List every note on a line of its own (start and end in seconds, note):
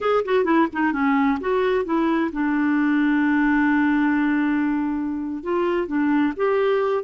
0.01 0.24 G#4
0.24 0.44 F#4
0.44 0.67 E4
0.72 0.92 D#4
0.92 1.38 C#4
1.40 1.84 F#4
1.84 2.31 E4
2.32 5.43 D4
5.43 5.87 F4
5.87 6.33 D4
6.36 7.03 G4